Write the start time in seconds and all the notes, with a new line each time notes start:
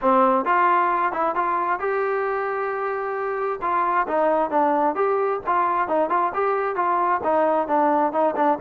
0.01 C4
0.45 F4
1.12 E4
1.35 F4
1.79 G4
3.61 F4
4.07 D#4
4.50 D4
4.95 G4
5.46 F4
5.88 D#4
6.09 F4
6.34 G4
6.75 F4
7.23 D#4
7.67 D4
8.12 D#4
8.36 D4